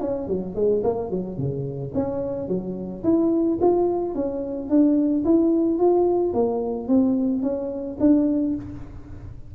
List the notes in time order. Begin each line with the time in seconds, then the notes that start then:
0.00 C#4
0.27 F#3
0.55 G#3
0.83 A#3
1.10 F#3
1.37 C#3
1.94 C#4
2.48 F#3
3.03 E4
3.61 F4
4.14 C#4
4.69 D4
5.24 E4
5.78 F4
6.33 A#3
6.88 C4
7.42 C#4
8.00 D4